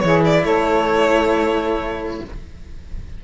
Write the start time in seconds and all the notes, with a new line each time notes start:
0.00 E3 E4 G#4 C#5
0.25 D5
0.44 A3 A4 C#5